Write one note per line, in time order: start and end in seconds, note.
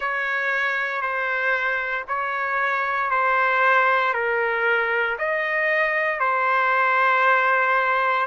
0.00 1.01 C#5
1.01 2.05 C5
2.08 3.10 C#5
3.10 4.13 C5
4.13 5.17 A#4
5.18 6.19 D#5
6.19 8.26 C5